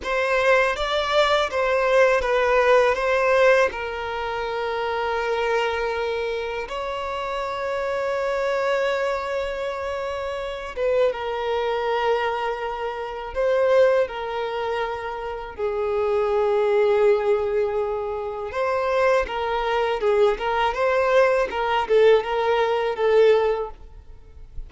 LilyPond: \new Staff \with { instrumentName = "violin" } { \time 4/4 \tempo 4 = 81 c''4 d''4 c''4 b'4 | c''4 ais'2.~ | ais'4 cis''2.~ | cis''2~ cis''8 b'8 ais'4~ |
ais'2 c''4 ais'4~ | ais'4 gis'2.~ | gis'4 c''4 ais'4 gis'8 ais'8 | c''4 ais'8 a'8 ais'4 a'4 | }